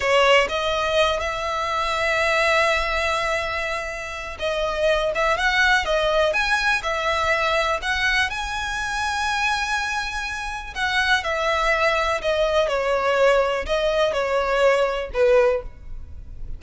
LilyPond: \new Staff \with { instrumentName = "violin" } { \time 4/4 \tempo 4 = 123 cis''4 dis''4. e''4.~ | e''1~ | e''4 dis''4. e''8 fis''4 | dis''4 gis''4 e''2 |
fis''4 gis''2.~ | gis''2 fis''4 e''4~ | e''4 dis''4 cis''2 | dis''4 cis''2 b'4 | }